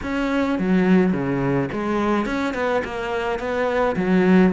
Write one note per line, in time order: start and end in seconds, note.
0.02 0.58 C#4
0.58 1.12 F#3
1.12 1.69 C#3
1.72 2.25 G#3
2.25 2.53 C#4
2.54 2.82 B3
2.84 3.39 A#3
3.39 3.95 B3
3.96 4.52 F#3